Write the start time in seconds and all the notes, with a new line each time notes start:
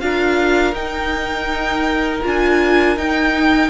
0.00 D4 F4 A#4 F5
0.73 D#4 G5
2.23 D4 F4 G#5
2.97 D#4 G5